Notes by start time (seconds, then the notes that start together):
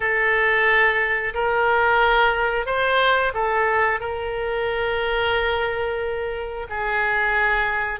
0.00 A4
1.34 A#4
2.66 C5
3.34 A4
4.00 A#4
6.69 G#4